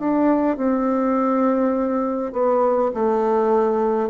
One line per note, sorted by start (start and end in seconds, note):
0.00 0.57 D4
0.57 2.33 C4
2.33 2.91 B3
2.94 4.10 A3